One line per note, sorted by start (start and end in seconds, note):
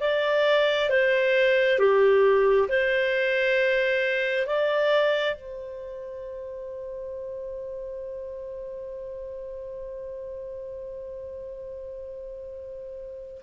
0.00 0.90 D5
0.90 1.79 C5
1.79 2.68 G4
2.68 4.47 C5
4.47 5.35 D5
5.35 13.41 C5